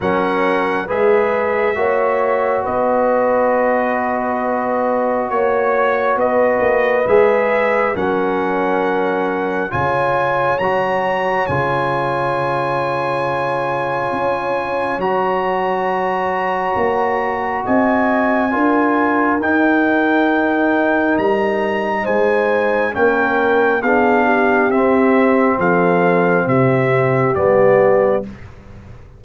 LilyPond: <<
  \new Staff \with { instrumentName = "trumpet" } { \time 4/4 \tempo 4 = 68 fis''4 e''2 dis''4~ | dis''2 cis''4 dis''4 | e''4 fis''2 gis''4 | ais''4 gis''2.~ |
gis''4 ais''2. | gis''2 g''2 | ais''4 gis''4 g''4 f''4 | e''4 f''4 e''4 d''4 | }
  \new Staff \with { instrumentName = "horn" } { \time 4/4 ais'4 b'4 cis''4 b'4~ | b'2 cis''4 b'4~ | b'4 ais'2 cis''4~ | cis''1~ |
cis''1 | dis''4 ais'2.~ | ais'4 c''4 ais'4 gis'8 g'8~ | g'4 a'4 g'2 | }
  \new Staff \with { instrumentName = "trombone" } { \time 4/4 cis'4 gis'4 fis'2~ | fis'1 | gis'4 cis'2 f'4 | fis'4 f'2.~ |
f'4 fis'2.~ | fis'4 f'4 dis'2~ | dis'2 cis'4 d'4 | c'2. b4 | }
  \new Staff \with { instrumentName = "tuba" } { \time 4/4 fis4 gis4 ais4 b4~ | b2 ais4 b8 ais8 | gis4 fis2 cis4 | fis4 cis2. |
cis'4 fis2 ais4 | c'4 d'4 dis'2 | g4 gis4 ais4 b4 | c'4 f4 c4 g4 | }
>>